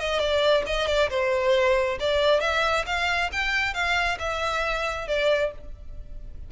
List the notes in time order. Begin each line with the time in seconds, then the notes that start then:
0.00 D#5
0.20 D5
0.66 D#5
0.87 D5
1.10 C5
2.00 D5
2.41 E5
2.86 F5
3.32 G5
3.74 F5
4.19 E5
5.08 D5